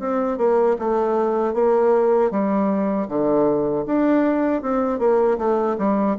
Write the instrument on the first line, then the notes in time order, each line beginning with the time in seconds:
bassoon
0.00 C4
0.38 A#3
0.79 A3
1.54 A#3
2.31 G3
3.08 D3
3.86 D4
4.63 C4
4.99 A#3
5.38 A3
5.78 G3